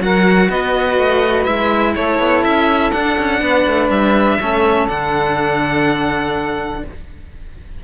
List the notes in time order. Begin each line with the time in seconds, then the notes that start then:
0.00 F#3 F#4 A#4 F#5
0.48 B3 B4 D#5
0.98 A3
1.44 G#3 E4 E5
1.95 A3 A4 C#5
2.19 B3
2.44 C#4 E5
2.91 D4 F#5
3.18 C#4
3.41 B3 B4
3.67 A3
3.90 G3 E5
4.40 A3 C#4 A4
4.88 D3 D4 F#5